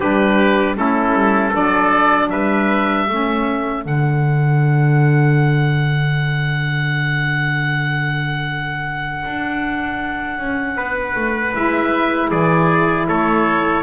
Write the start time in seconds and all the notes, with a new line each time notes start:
0.00 G3 D4 G4 B4
0.76 A3 C#4 E4 A4
1.13 G3
1.50 F#3 D4 A4 D5
2.30 G3 B4 E5
3.05 A3 C#4 A4
3.83 D3 D4 F#5
9.25 D4
10.39 C#4
10.76 B3 B4
11.16 A3
11.53 G#3 E4 E5
12.30 E3 G#4 D5
13.08 A3 A4 C#5